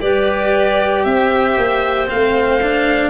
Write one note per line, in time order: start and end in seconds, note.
0.00 1.05 G3
0.00 2.07 G4
0.00 1.05 B4
0.00 1.04 D5
1.04 1.57 C4
1.04 3.10 C5
1.04 2.08 E5
1.58 2.09 A#3
2.07 3.10 A3
2.07 2.59 C4
2.07 3.10 F5
2.62 3.10 D4